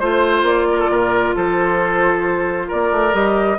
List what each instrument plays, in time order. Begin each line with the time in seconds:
0.00 bassoon A3, clarinet F4, flute C5, oboe C5
0.43 bassoon A#3, flute D5
0.71 oboe A#4
0.79 oboe A4
0.89 bassoon A#2, oboe A#4
1.35 bassoon F3, oboe A4, flute C5
2.68 bassoon A#3, oboe A#4, flute D5
2.91 bassoon A3
3.13 bassoon G3, clarinet G4, flute D#5